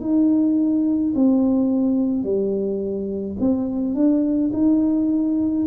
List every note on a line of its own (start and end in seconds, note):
0.00 1.13 D#4
1.15 2.23 C4
2.23 3.37 G3
3.40 3.94 C4
3.94 4.51 D4
4.53 5.66 D#4